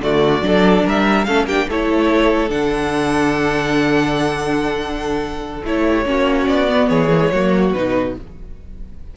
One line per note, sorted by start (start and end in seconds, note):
0.00 0.41 D3
0.00 0.43 A3
0.00 0.45 F#4
0.00 0.86 D5
0.41 0.83 F#3
0.41 1.26 D4
0.41 0.85 A4
0.85 1.28 G3
0.85 1.27 A#4
0.85 1.24 E5
1.24 1.44 A3
1.24 1.49 C#4
1.24 1.47 A4
1.24 1.45 F5
1.44 1.65 A#3
1.44 1.70 D4
1.44 1.68 G4
1.44 1.69 G5
1.68 2.50 A3
1.68 2.49 E4
1.68 5.85 A4
1.68 2.50 C#5
2.49 5.62 D3
2.49 5.61 D4
2.49 5.63 F#5
5.64 6.05 A3
5.64 6.05 E4
5.64 6.48 C#5
5.85 6.06 G4
6.05 6.47 A#3
6.05 6.67 C#4
6.05 6.89 F#4
6.48 6.90 B3
6.48 6.88 D5
6.67 7.09 B3
6.88 7.32 E3
6.88 7.31 G#4
6.88 7.71 C#5
7.10 7.20 A#3
7.20 7.30 G#3
7.32 7.73 F#3
7.32 7.75 A#3
7.32 8.16 F#4
7.73 8.16 B2
7.73 8.16 D#4
7.73 8.15 B4